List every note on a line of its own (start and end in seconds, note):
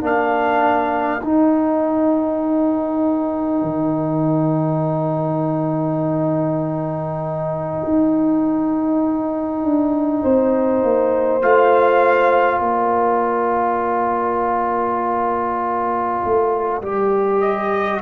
0.00 1.22 A#3
0.00 1.21 D4
0.00 10.20 A#4
0.00 1.24 F5
1.23 3.62 D#4
1.23 11.42 D#4
1.23 11.43 G5
3.62 7.82 D#3
7.84 9.63 D#4
9.63 10.23 D4
10.23 10.84 C4
10.23 12.60 C5
10.84 11.42 A#3
11.42 12.60 A3
11.42 16.82 F4
11.42 12.61 F5
12.60 16.20 A#3
12.60 18.00 A#4
12.60 17.41 D5
16.25 16.82 A3
16.82 18.02 G3
16.82 18.02 G4
17.41 18.00 D#5